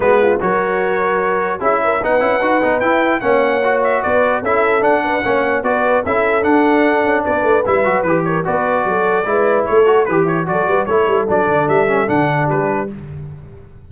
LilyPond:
<<
  \new Staff \with { instrumentName = "trumpet" } { \time 4/4 \tempo 4 = 149 b'4 cis''2. | e''4 fis''2 g''4 | fis''4. e''8 d''4 e''4 | fis''2 d''4 e''4 |
fis''2 d''4 e''4 | b'8 cis''8 d''2. | cis''4 b'8 cis''8 d''4 cis''4 | d''4 e''4 fis''4 b'4 | }
  \new Staff \with { instrumentName = "horn" } { \time 4/4 fis'8 f'8 ais'2. | gis'8 ais'8 b'2. | cis''2 b'4 a'4~ | a'8 b'8 cis''4 b'4 a'4~ |
a'2 b'2~ | b'8 ais'8 b'4 a'4 b'4 | a'4 g'8 e'8 a'8 b'8 a'4~ | a'2. g'4 | }
  \new Staff \with { instrumentName = "trombone" } { \time 4/4 b4 fis'2. | e'4 dis'8 e'8 fis'8 dis'8 e'4 | cis'4 fis'2 e'4 | d'4 cis'4 fis'4 e'4 |
d'2. e'8 fis'8 | g'4 fis'2 e'4~ | e'8 fis'8 g'4 fis'4 e'4 | d'4. cis'8 d'2 | }
  \new Staff \with { instrumentName = "tuba" } { \time 4/4 gis4 fis2. | cis'4 b8 cis'8 dis'8 b8 e'4 | ais2 b4 cis'4 | d'4 ais4 b4 cis'4 |
d'4. cis'8 b8 a8 g8 fis8 | e4 b4 fis4 gis4 | a4 e4 fis8 g8 a8 g8 | fis8 d8 g4 d4 g4 | }
>>